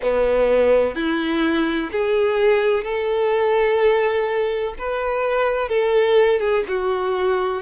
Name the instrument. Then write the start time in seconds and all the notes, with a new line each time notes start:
violin
0.02 B3
0.95 E4
1.91 G#4
2.84 A4
4.78 B4
5.68 A4
6.39 G#4
6.68 F#4